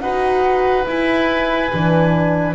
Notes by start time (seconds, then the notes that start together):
0.00 D#4 F#4 B4 F#5
0.85 E4 G#5
1.73 E3 D4